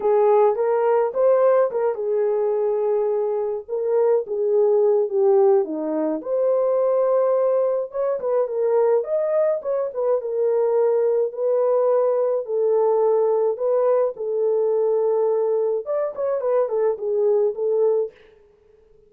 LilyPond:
\new Staff \with { instrumentName = "horn" } { \time 4/4 \tempo 4 = 106 gis'4 ais'4 c''4 ais'8 gis'8~ | gis'2~ gis'8 ais'4 gis'8~ | gis'4 g'4 dis'4 c''4~ | c''2 cis''8 b'8 ais'4 |
dis''4 cis''8 b'8 ais'2 | b'2 a'2 | b'4 a'2. | d''8 cis''8 b'8 a'8 gis'4 a'4 | }